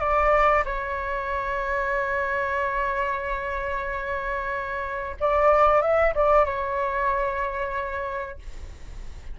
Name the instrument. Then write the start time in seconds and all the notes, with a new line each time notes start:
flute
0.00 D5
0.65 C#5
5.21 D5
5.82 E5
6.15 D5
6.45 C#5